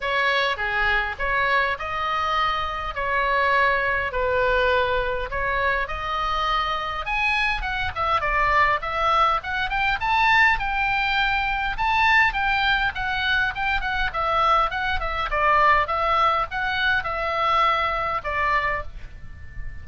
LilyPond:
\new Staff \with { instrumentName = "oboe" } { \time 4/4 \tempo 4 = 102 cis''4 gis'4 cis''4 dis''4~ | dis''4 cis''2 b'4~ | b'4 cis''4 dis''2 | gis''4 fis''8 e''8 d''4 e''4 |
fis''8 g''8 a''4 g''2 | a''4 g''4 fis''4 g''8 fis''8 | e''4 fis''8 e''8 d''4 e''4 | fis''4 e''2 d''4 | }